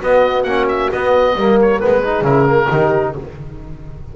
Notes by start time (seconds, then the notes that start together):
0.00 B3 F#4 D#5
0.43 A#3 C#4 F#5
0.68 E5
0.92 B3 D#5
1.35 G3 A#3 A#4
1.61 C#5
1.79 G#3 B3 B4
2.02 D#4 G#4
2.21 C#3 E4 A#4
2.46 A#3
2.70 D#3 D#4 G4